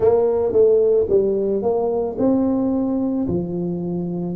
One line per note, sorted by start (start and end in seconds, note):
0.00 0.52 A#3
0.52 1.07 A3
1.09 1.62 G3
1.62 2.17 A#3
2.18 3.27 C4
3.28 4.36 F3